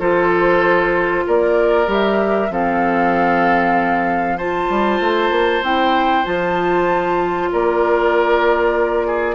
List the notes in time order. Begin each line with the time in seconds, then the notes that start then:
0.00 F3 F4 A4 C5
1.27 A#3 A#4 D5
1.87 G3 G4 E5
2.50 F3 C4 A4 F5
4.38 F4 C5 A5
4.70 G3
5.01 A3
5.31 A#3
5.62 C4 E4 G5
6.25 F3 F4 A5
7.52 A#3 A#4 D5
9.07 G#4